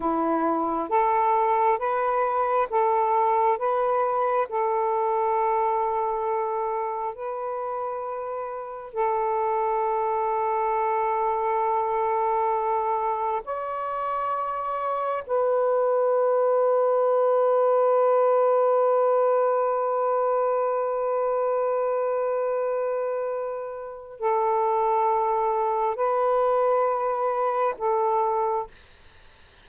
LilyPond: \new Staff \with { instrumentName = "saxophone" } { \time 4/4 \tempo 4 = 67 e'4 a'4 b'4 a'4 | b'4 a'2. | b'2 a'2~ | a'2. cis''4~ |
cis''4 b'2.~ | b'1~ | b'2. a'4~ | a'4 b'2 a'4 | }